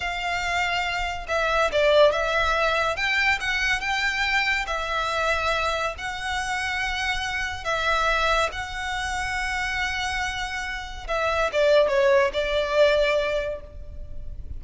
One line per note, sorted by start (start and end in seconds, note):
0.00 1.26 F5
1.28 1.70 E5
1.71 2.12 D5
2.12 2.96 E5
2.96 3.38 G5
3.40 3.80 F#5
3.80 4.65 G5
4.67 5.94 E5
5.98 7.64 F#5
7.64 8.49 E5
8.51 11.07 F#5
11.07 11.50 E5
11.52 11.88 D5
11.88 12.31 C#5
12.33 13.61 D5